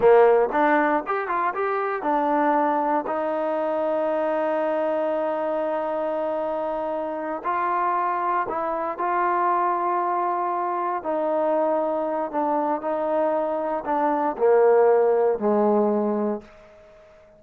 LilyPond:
\new Staff \with { instrumentName = "trombone" } { \time 4/4 \tempo 4 = 117 ais4 d'4 g'8 f'8 g'4 | d'2 dis'2~ | dis'1~ | dis'2~ dis'8 f'4.~ |
f'8 e'4 f'2~ f'8~ | f'4. dis'2~ dis'8 | d'4 dis'2 d'4 | ais2 gis2 | }